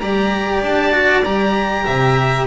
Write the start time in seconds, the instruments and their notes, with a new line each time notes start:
0.00 double bass G3, cello G4, violin D5, oboe A#5
0.62 double bass D4, oboe A5
0.93 cello F#4
1.23 double bass G3, cello G4, oboe A#5
1.85 double bass C3, violin E5